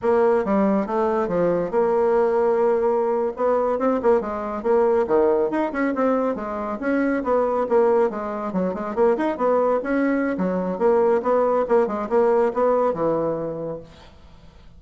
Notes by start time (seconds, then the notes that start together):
0.02 A#3
0.44 G3
0.86 A3
1.28 F3
1.70 A#3
3.36 B3
3.78 C4
4.02 A#3
4.21 G#3
4.62 A#3
5.07 D#3
5.50 D#4
5.72 C#4
5.94 C4
6.35 G#3
6.80 C#4
7.23 B3
7.69 A#3
8.10 G#3
8.53 F#3
8.74 G#3
8.95 A#3
9.17 D#4
9.37 B3
9.83 C#4
10.37 F#3
10.78 A#3
11.22 B3
11.68 A#3
11.87 G#3
12.09 A#3
12.53 B3
12.93 E3